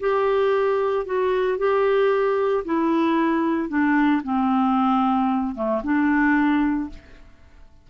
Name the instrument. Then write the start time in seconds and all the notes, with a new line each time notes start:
clarinet
0.00 G4
1.05 F#4
1.58 G4
2.65 E4
3.69 D4
4.23 C4
5.55 A3
5.83 D4